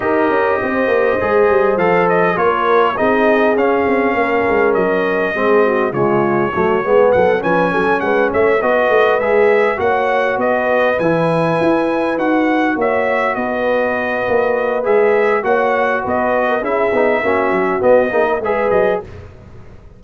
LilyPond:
<<
  \new Staff \with { instrumentName = "trumpet" } { \time 4/4 \tempo 4 = 101 dis''2. f''8 dis''8 | cis''4 dis''4 f''2 | dis''2 cis''2 | fis''8 gis''4 fis''8 e''8 dis''4 e''8~ |
e''8 fis''4 dis''4 gis''4.~ | gis''8 fis''4 e''4 dis''4.~ | dis''4 e''4 fis''4 dis''4 | e''2 dis''4 e''8 dis''8 | }
  \new Staff \with { instrumentName = "horn" } { \time 4/4 ais'4 c''2. | ais'4 gis'2 ais'4~ | ais'4 gis'8 fis'8 f'4 fis'8 gis'8 | a'8 b'8 a'8 b'8 cis''8 b'4.~ |
b'8 cis''4 b'2~ b'8~ | b'4. cis''4 b'4.~ | b'2 cis''4 b'8. ais'16 | gis'4 fis'4. gis'16 ais'16 b'4 | }
  \new Staff \with { instrumentName = "trombone" } { \time 4/4 g'2 gis'4 a'4 | f'4 dis'4 cis'2~ | cis'4 c'4 gis4 a8 b8~ | b8 cis'2 fis'4 gis'8~ |
gis'8 fis'2 e'4.~ | e'8 fis'2.~ fis'8~ | fis'4 gis'4 fis'2 | e'8 dis'8 cis'4 b8 dis'8 gis'4 | }
  \new Staff \with { instrumentName = "tuba" } { \time 4/4 dis'8 cis'8 c'8 ais8 gis8 g8 f4 | ais4 c'4 cis'8 c'8 ais8 gis8 | fis4 gis4 cis4 fis8 gis8 | fis8 f8 fis8 gis8 a8 b8 a8 gis8~ |
gis8 ais4 b4 e4 e'8~ | e'8 dis'4 ais4 b4. | ais4 gis4 ais4 b4 | cis'8 b8 ais8 fis8 b8 ais8 gis8 fis8 | }
>>